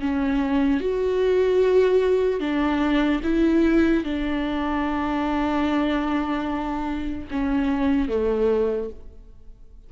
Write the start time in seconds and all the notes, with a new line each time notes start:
0.00 C#4
0.80 F#4
2.40 D4
3.23 E4
4.04 D4
7.30 C#4
8.08 A3